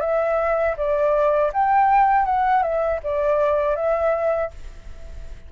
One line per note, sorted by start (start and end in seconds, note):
0.00 0.75 E5
0.76 1.51 D5
1.53 2.25 G5
2.25 2.62 F#5
2.62 3.00 E5
3.03 3.75 D5
3.75 4.50 E5